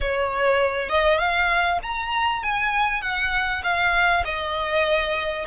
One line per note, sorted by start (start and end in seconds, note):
0.01 0.89 C#5
0.89 1.18 D#5
1.18 1.79 F5
1.82 2.43 A#5
2.43 3.01 G#5
3.01 3.62 F#5
3.63 4.23 F5
4.24 5.45 D#5